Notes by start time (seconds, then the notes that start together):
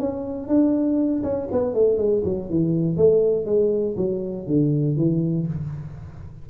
0.00 C#4
0.48 D4
1.24 C#4
1.52 B3
1.75 A3
1.98 G#3
2.25 F#3
2.50 E3
2.97 A3
3.46 G#3
3.97 F#3
4.47 D3
4.97 E3